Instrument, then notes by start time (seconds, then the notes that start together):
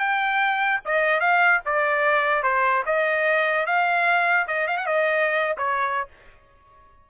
trumpet
0.00 G5
0.85 D#5
1.20 F5
1.66 D5
2.43 C5
2.86 D#5
3.67 F5
4.48 D#5
4.68 F5
4.78 F#5
4.87 D#5
5.58 C#5